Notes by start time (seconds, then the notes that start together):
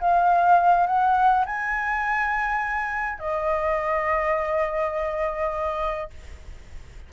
0.00 F5
0.86 F#5
1.46 G#5
3.19 D#5